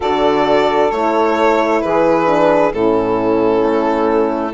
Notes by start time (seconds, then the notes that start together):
0.00 D3 F#4 A4 D5
0.91 A3 E4 C#5
1.81 E3 G#4 B4
2.26 D4
2.72 A2 C#4 E4 A4
3.62 A3